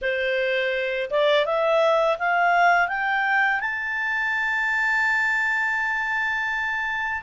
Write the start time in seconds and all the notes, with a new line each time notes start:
0.01 C5
1.10 D5
1.45 E5
2.18 F5
2.88 G5
3.60 A5